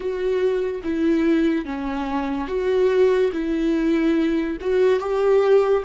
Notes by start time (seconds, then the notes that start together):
0.00 F#4
0.83 E4
1.65 C#4
2.47 F#4
3.32 E4
4.61 F#4
4.99 G4